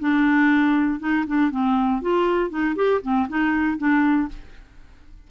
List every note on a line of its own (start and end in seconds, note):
0.00 1.00 D4
1.00 1.25 D#4
1.27 1.51 D4
1.51 2.02 C4
2.02 2.50 F4
2.50 2.76 D#4
2.76 3.01 G4
3.02 3.28 C4
3.29 3.78 D#4
3.78 4.29 D4